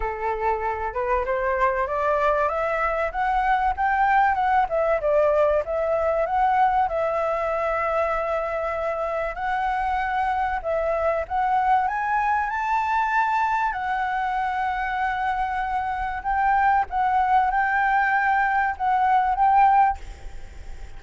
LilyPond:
\new Staff \with { instrumentName = "flute" } { \time 4/4 \tempo 4 = 96 a'4. b'8 c''4 d''4 | e''4 fis''4 g''4 fis''8 e''8 | d''4 e''4 fis''4 e''4~ | e''2. fis''4~ |
fis''4 e''4 fis''4 gis''4 | a''2 fis''2~ | fis''2 g''4 fis''4 | g''2 fis''4 g''4 | }